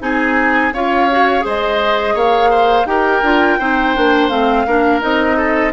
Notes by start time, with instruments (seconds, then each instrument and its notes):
0.00 bassoon C4, clarinet D#4, oboe G#4, flute G#5
0.73 bassoon C#4, clarinet F4, oboe C#5, flute F5
1.12 clarinet F#4
1.41 bassoon G#3, clarinet G#4, oboe C5
1.47 flute D#5
2.14 bassoon A#3, oboe C#5, flute F5
2.50 oboe C5
2.85 bassoon D#4, clarinet G4, oboe A#4, flute G5
3.22 bassoon D4, clarinet F4
3.59 bassoon C4, clarinet D#4, oboe C5
3.95 bassoon A#3, clarinet D4
4.29 bassoon A3, clarinet C4, flute F5
4.66 bassoon A#3, clarinet D4, oboe A#4
5.01 bassoon C4, clarinet D#4, flute D#5
5.37 oboe A4